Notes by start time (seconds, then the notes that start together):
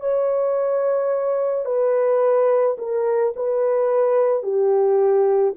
0.00 C#5
1.65 B4
2.78 A#4
3.36 B4
4.43 G4